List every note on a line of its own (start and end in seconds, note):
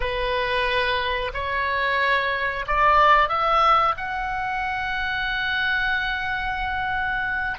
0.00 1.31 B4
1.33 2.65 C#5
2.67 3.28 D5
3.28 3.94 E5
3.97 7.58 F#5